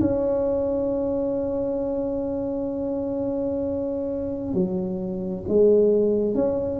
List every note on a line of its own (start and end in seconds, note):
0.00 4.54 C#4
4.54 5.45 F#3
5.48 6.35 G#3
6.35 6.80 C#4